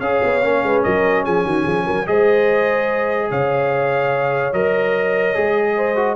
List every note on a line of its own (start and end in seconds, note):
0.00 0.21 C#4
0.00 0.42 G#4
0.00 0.65 C#5
0.00 0.83 F5
0.23 0.43 B3
0.42 0.63 A#3
0.42 2.06 C#4
0.63 0.84 G#3
0.63 0.84 B4
0.83 1.27 F#3
0.83 1.24 A#4
0.83 1.24 D#5
1.24 1.46 F3
1.24 1.45 G#4
1.24 2.07 G#5
1.45 1.66 D#3
1.45 1.63 F#4
1.63 1.87 F3
1.63 1.84 G#4
1.86 2.08 F#3
1.86 2.07 A#4
2.06 3.31 G#3
2.06 4.53 G#4
2.06 3.29 C5
2.06 3.31 D#5
3.29 4.53 C#3
3.29 5.76 C#5
3.29 4.53 F5
4.53 5.36 F#3
4.53 5.35 A#4
4.53 6.16 D#5
5.35 6.16 G#3
5.35 5.96 G#4
5.76 6.16 C5
5.96 6.16 F#4